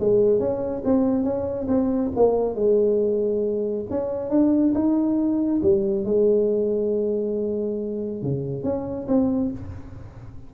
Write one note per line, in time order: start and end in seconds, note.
0.00 0.40 G#3
0.40 0.83 C#4
0.85 1.24 C4
1.24 1.67 C#4
1.68 2.12 C4
2.16 2.55 A#3
2.55 3.86 G#3
3.91 4.30 C#4
4.30 4.74 D4
4.74 5.61 D#4
5.63 6.05 G3
6.05 8.22 G#3
8.22 8.64 C#3
8.64 9.07 C#4
9.08 9.51 C4